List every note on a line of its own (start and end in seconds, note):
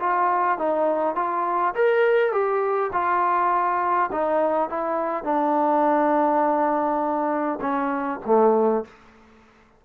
0.00 0.58 F4
0.58 1.16 D#4
1.16 1.74 F4
1.75 2.32 A#4
2.32 2.91 G4
2.93 4.10 F4
4.12 4.69 D#4
4.69 5.24 E4
5.24 7.59 D4
7.61 8.20 C#4
8.26 8.85 A3